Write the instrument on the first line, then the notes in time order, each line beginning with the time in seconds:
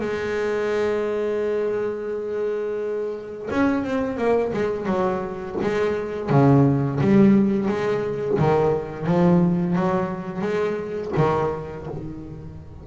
double bass
0.00 G#3
3.51 C#4
3.84 C4
4.17 A#3
4.53 G#3
4.86 F#3
5.62 G#3
6.30 C#3
7.01 G3
7.68 G#3
8.38 D#3
9.06 F3
9.76 F#3
10.41 G#3
11.17 D#3